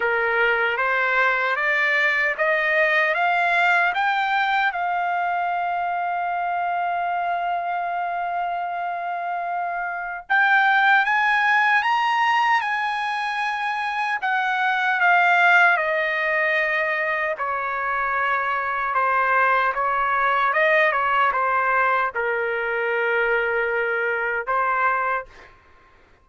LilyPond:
\new Staff \with { instrumentName = "trumpet" } { \time 4/4 \tempo 4 = 76 ais'4 c''4 d''4 dis''4 | f''4 g''4 f''2~ | f''1~ | f''4 g''4 gis''4 ais''4 |
gis''2 fis''4 f''4 | dis''2 cis''2 | c''4 cis''4 dis''8 cis''8 c''4 | ais'2. c''4 | }